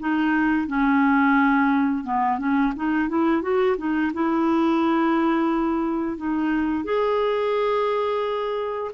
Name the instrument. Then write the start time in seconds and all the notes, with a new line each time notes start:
clarinet
0.00 D#4
0.68 C#4
2.04 B3
2.39 C#4
2.76 D#4
3.09 E4
3.42 F#4
3.78 D#4
4.14 E4
6.18 D#4
6.85 G#4